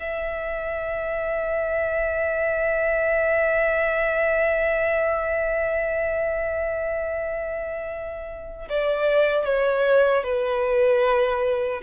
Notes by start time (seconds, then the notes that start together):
0.00 E5
8.69 D5
9.46 C#5
10.24 B4